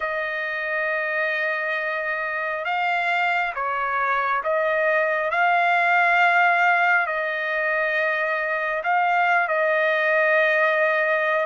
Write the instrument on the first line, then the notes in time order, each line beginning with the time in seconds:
trumpet
0.00 D#5
2.65 F5
3.54 C#5
4.44 D#5
5.30 F5
7.06 D#5
8.83 F5
9.48 D#5